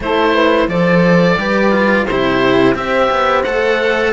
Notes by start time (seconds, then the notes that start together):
0.00 A3 E4 A4 C5
0.34 B4
0.67 F3 A4 C5 D5
1.37 G3 G4 B4
1.71 F4
2.06 C3 E4 G4 C5
2.74 C4 G4 C5 E5
3.10 B3
3.43 A3 A4 F#5